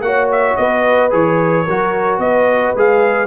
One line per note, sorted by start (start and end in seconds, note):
0.00 0.55 A#3
0.00 1.10 F#4
0.00 0.59 C#5
0.00 0.28 F#5
0.31 0.56 E5
0.56 1.12 B3
0.56 1.65 B4
0.56 1.11 D#5
1.10 1.67 E3
1.10 1.65 G#4
1.10 2.19 C#5
1.65 2.18 F#3
1.65 2.76 F#4
1.65 2.19 A#4
2.18 2.72 B3
2.18 3.27 B4
2.18 2.74 D#5
2.75 3.27 G#3
2.75 3.27 G#4
2.75 3.27 F5